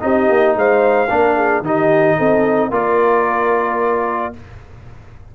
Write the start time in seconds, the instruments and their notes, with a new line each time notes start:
0.00 tuba C4, trombone D#4, horn G4, trumpet D#5
0.30 tuba A#3
0.56 tuba G#3, horn C5, trumpet F5
1.09 tuba A#3, trombone D4, horn A#4
1.36 horn G#4
1.61 tuba D#3, trombone D#4, horn G4, trumpet D#5
2.18 tuba C4, horn A4
2.71 tuba A#3, trombone F4, horn A#4, trumpet D5